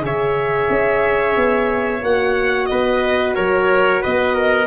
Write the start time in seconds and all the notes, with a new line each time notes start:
0.00 C#3 G#4 C#5 E5
0.69 C#4
1.36 B3
2.01 A#3 F#4 F#5
2.65 B4 D#5
2.71 B3
3.35 F#3 A#4 C#5
4.02 B3 B4 D#5
4.35 A#4